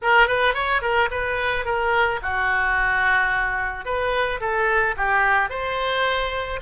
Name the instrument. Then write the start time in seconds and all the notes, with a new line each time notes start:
oboe
0.02 A#4
0.27 B4
0.54 C#5
0.81 A#4
1.11 B4
1.65 A#4
2.22 F#4
3.85 B4
4.40 A4
4.96 G4
5.49 C5